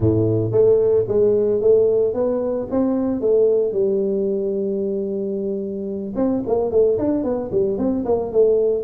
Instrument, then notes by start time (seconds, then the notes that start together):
tuba
0.00 A2
0.51 A3
1.08 G#3
1.61 A3
2.14 B3
2.70 C4
3.20 A3
3.72 G3
6.15 C4
6.47 A#3
6.71 A3
6.98 D4
7.23 B3
7.51 G3
7.78 C4
8.05 A#3
8.32 A3